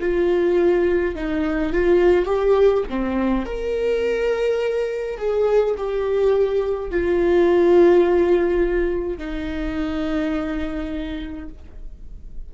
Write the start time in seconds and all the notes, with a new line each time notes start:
0.00 F4
1.15 D#4
1.73 F4
2.26 G4
2.90 C4
3.46 A#4
5.18 G#4
5.77 G4
6.91 F4
9.18 D#4